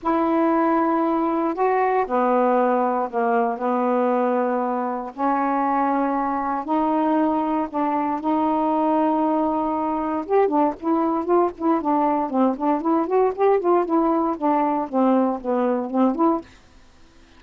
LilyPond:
\new Staff \with { instrumentName = "saxophone" } { \time 4/4 \tempo 4 = 117 e'2. fis'4 | b2 ais4 b4~ | b2 cis'2~ | cis'4 dis'2 d'4 |
dis'1 | g'8 d'8 e'4 f'8 e'8 d'4 | c'8 d'8 e'8 fis'8 g'8 f'8 e'4 | d'4 c'4 b4 c'8 e'8 | }